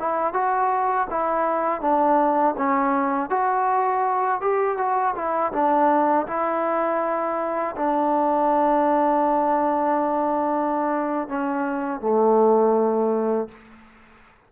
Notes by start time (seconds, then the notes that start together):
0.00 E4
0.34 F#4
1.10 E4
1.81 D4
2.58 C#4
3.30 F#4
4.41 G4
4.78 F#4
5.15 E4
5.53 D4
6.28 E4
7.77 D4
11.29 C#4
12.01 A3